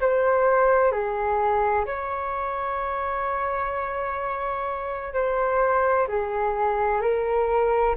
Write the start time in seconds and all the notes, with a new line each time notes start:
0.00 C5
0.92 G#4
1.85 C#5
5.13 C5
6.07 G#4
7.01 A#4